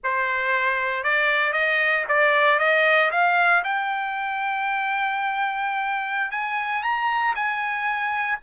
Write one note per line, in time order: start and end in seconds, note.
0.03 1.03 C5
1.03 1.53 D5
1.53 2.04 D#5
2.08 2.59 D5
2.59 3.10 D#5
3.11 3.63 F5
3.63 6.31 G5
6.31 6.82 G#5
6.82 7.34 A#5
7.35 8.38 G#5